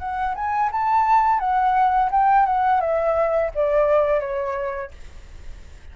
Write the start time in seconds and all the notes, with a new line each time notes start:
0.00 F#5
0.36 G#5
0.72 A5
1.40 F#5
2.12 G5
2.46 F#5
2.81 E5
3.55 D5
4.21 C#5